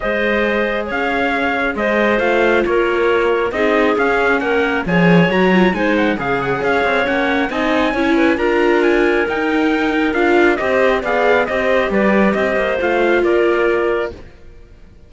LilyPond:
<<
  \new Staff \with { instrumentName = "trumpet" } { \time 4/4 \tempo 4 = 136 dis''2 f''2 | dis''4 f''4 cis''2 | dis''4 f''4 fis''4 gis''4 | ais''4 gis''8 fis''8 f''8 fis''8 f''4 |
fis''4 gis''2 ais''4 | gis''4 g''2 f''4 | dis''4 f''4 dis''4 d''4 | dis''4 f''4 d''2 | }
  \new Staff \with { instrumentName = "clarinet" } { \time 4/4 c''2 cis''2 | c''2 ais'2 | gis'2 ais'4 cis''4~ | cis''4 c''4 gis'4 cis''4~ |
cis''4 dis''4 cis''8 b'8 ais'4~ | ais'1 | c''4 d''4 c''4 b'4 | c''2 ais'2 | }
  \new Staff \with { instrumentName = "viola" } { \time 4/4 gis'1~ | gis'4 f'2. | dis'4 cis'2 gis'4 | fis'8 f'8 dis'4 gis'2 |
cis'4 dis'4 e'4 f'4~ | f'4 dis'2 f'4 | g'4 gis'4 g'2~ | g'4 f'2. | }
  \new Staff \with { instrumentName = "cello" } { \time 4/4 gis2 cis'2 | gis4 a4 ais2 | c'4 cis'4 ais4 f4 | fis4 gis4 cis4 cis'8 c'8 |
ais4 c'4 cis'4 d'4~ | d'4 dis'2 d'4 | c'4 b4 c'4 g4 | c'8 ais8 a4 ais2 | }
>>